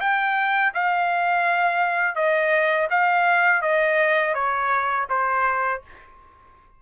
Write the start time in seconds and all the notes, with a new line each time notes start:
0.00 G5
0.74 F5
2.15 D#5
2.90 F5
3.61 D#5
4.34 C#5
5.09 C5